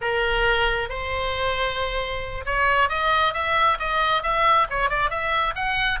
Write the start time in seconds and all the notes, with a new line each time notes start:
0.01 A#4
0.89 C5
2.45 C#5
2.89 D#5
3.33 E5
3.79 D#5
4.22 E5
4.70 C#5
4.89 D5
5.10 E5
5.55 F#5